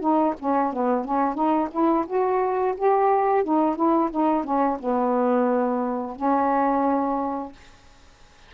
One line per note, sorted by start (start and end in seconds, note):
0.00 0.34 D#4
0.39 0.73 C#4
0.73 1.05 B3
1.05 1.35 C#4
1.35 1.69 D#4
1.71 2.05 E4
2.07 2.75 F#4
2.77 3.44 G4
3.44 3.76 D#4
3.76 4.10 E4
4.11 4.44 D#4
4.44 4.78 C#4
4.80 6.16 B3
6.16 7.52 C#4